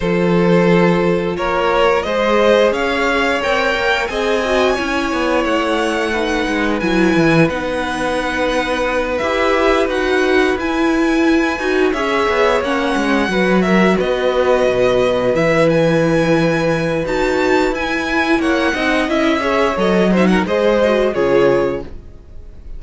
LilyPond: <<
  \new Staff \with { instrumentName = "violin" } { \time 4/4 \tempo 4 = 88 c''2 cis''4 dis''4 | f''4 g''4 gis''2 | fis''2 gis''4 fis''4~ | fis''4. e''4 fis''4 gis''8~ |
gis''4. e''4 fis''4. | e''8 dis''2 e''8 gis''4~ | gis''4 a''4 gis''4 fis''4 | e''4 dis''8 e''16 fis''16 dis''4 cis''4 | }
  \new Staff \with { instrumentName = "violin" } { \time 4/4 a'2 ais'4 c''4 | cis''2 dis''4 cis''4~ | cis''4 b'2.~ | b'1~ |
b'4. cis''2 b'8 | ais'8 b'2.~ b'8~ | b'2. cis''8 dis''8~ | dis''8 cis''4 c''16 ais'16 c''4 gis'4 | }
  \new Staff \with { instrumentName = "viola" } { \time 4/4 f'2. gis'4~ | gis'4 ais'4 gis'8 fis'8 e'4~ | e'4 dis'4 e'4 dis'4~ | dis'4. g'4 fis'4 e'8~ |
e'4 fis'8 gis'4 cis'4 fis'8~ | fis'2~ fis'8 e'4.~ | e'4 fis'4 e'4. dis'8 | e'8 gis'8 a'8 dis'8 gis'8 fis'8 f'4 | }
  \new Staff \with { instrumentName = "cello" } { \time 4/4 f2 ais4 gis4 | cis'4 c'8 ais8 c'4 cis'8 b8 | a4. gis8 fis8 e8 b4~ | b4. e'4 dis'4 e'8~ |
e'4 dis'8 cis'8 b8 ais8 gis8 fis8~ | fis8 b4 b,4 e4.~ | e4 dis'4 e'4 ais8 c'8 | cis'4 fis4 gis4 cis4 | }
>>